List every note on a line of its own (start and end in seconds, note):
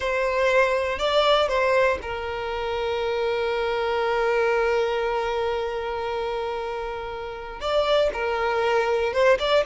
0.00 0.98 C5
0.98 1.48 D5
1.48 1.98 C5
2.02 7.60 A#4
7.60 8.10 D5
8.12 9.12 A#4
9.12 9.38 C5
9.39 9.64 D5